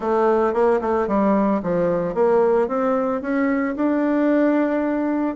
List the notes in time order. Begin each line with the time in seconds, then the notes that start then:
0.00 A3
0.53 A#3
0.81 A3
1.07 G3
1.62 F3
2.14 A#3
2.68 C4
3.21 C#4
3.75 D4